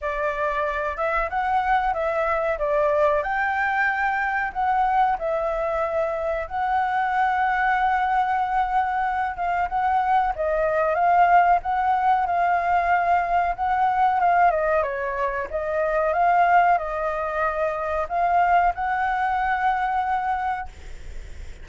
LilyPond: \new Staff \with { instrumentName = "flute" } { \time 4/4 \tempo 4 = 93 d''4. e''8 fis''4 e''4 | d''4 g''2 fis''4 | e''2 fis''2~ | fis''2~ fis''8 f''8 fis''4 |
dis''4 f''4 fis''4 f''4~ | f''4 fis''4 f''8 dis''8 cis''4 | dis''4 f''4 dis''2 | f''4 fis''2. | }